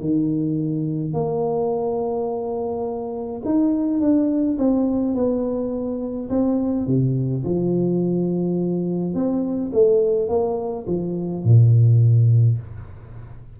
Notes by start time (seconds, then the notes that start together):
0.00 D#3
1.13 A#3
3.45 D#4
4.00 D4
4.58 C4
5.15 B3
6.29 C4
6.86 C3
7.44 F3
9.14 C4
9.72 A3
10.28 A#3
10.86 F3
11.44 A#2